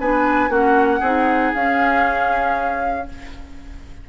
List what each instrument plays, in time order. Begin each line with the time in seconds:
0.00 bassoon B3, clarinet D4, oboe B4, flute G#5
0.49 bassoon A#3, clarinet C#4, oboe F#4, flute F#5
1.00 bassoon C4, clarinet D#4, oboe G#4
1.54 bassoon C#4, clarinet C#4, flute F5